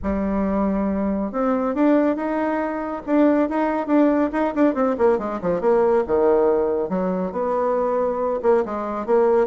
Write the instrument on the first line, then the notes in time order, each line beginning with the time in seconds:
bassoon
0.03 G3
1.32 C4
1.74 D4
2.15 D#4
3.06 D4
3.49 D#4
3.87 D4
4.32 D#4
4.54 D4
4.74 C4
4.98 A#3
5.18 G#3
5.41 F3
5.61 A#3
6.06 D#3
6.89 F#3
7.32 B3
8.42 A#3
8.65 G#3
9.05 A#3